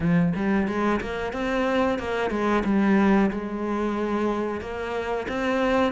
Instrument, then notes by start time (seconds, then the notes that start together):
cello
0.00 F3
0.35 G3
0.67 G#3
1.00 A#3
1.32 C4
1.98 A#3
2.30 G#3
2.64 G3
3.31 G#3
4.60 A#3
5.28 C4